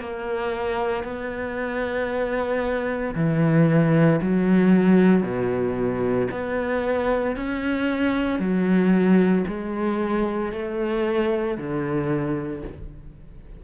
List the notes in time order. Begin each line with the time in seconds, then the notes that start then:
0.00 A#3
1.04 B3
3.15 E3
4.21 F#3
5.22 B2
6.31 B3
7.36 C#4
8.39 F#3
9.47 G#3
10.52 A3
11.57 D3